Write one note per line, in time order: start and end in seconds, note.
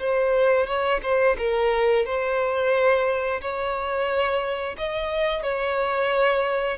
0.00 0.67 C5
0.67 1.01 C#5
1.03 1.37 C5
1.39 2.06 A#4
2.06 3.41 C5
3.42 4.77 C#5
4.78 5.43 D#5
5.43 6.78 C#5